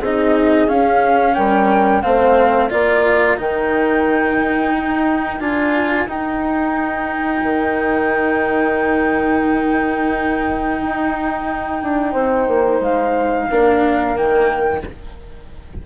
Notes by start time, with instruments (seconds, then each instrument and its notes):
0.00 bassoon C4, cello D#4, horn G#4, flute D#5
0.69 cello C#4, bassoon C#4, flute F5
1.35 bassoon G3, horn A#4, flute G5
2.03 bassoon A3, cello C4, horn C5, flute F5
2.70 bassoon A#3, cello F4, horn A#4, flute D5
3.38 bassoon D#3, cello D#4, flute G5
4.74 bassoon D#4
5.40 bassoon D4, cello F4, flute G#5
6.07 bassoon D#4, cello D#4, flute G5
7.43 bassoon D#3
10.82 bassoon D#4
11.83 bassoon D4
12.12 bassoon C4, horn C5
12.48 bassoon A#3
12.80 bassoon G#3, flute F5
13.51 bassoon A#3, cello D4, horn A#4
14.16 bassoon D#3, cello A#3, flute G5